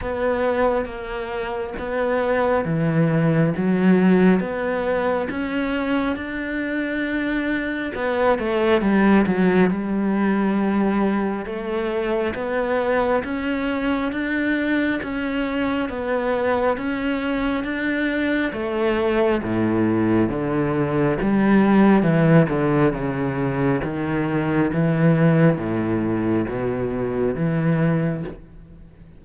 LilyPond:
\new Staff \with { instrumentName = "cello" } { \time 4/4 \tempo 4 = 68 b4 ais4 b4 e4 | fis4 b4 cis'4 d'4~ | d'4 b8 a8 g8 fis8 g4~ | g4 a4 b4 cis'4 |
d'4 cis'4 b4 cis'4 | d'4 a4 a,4 d4 | g4 e8 d8 cis4 dis4 | e4 a,4 b,4 e4 | }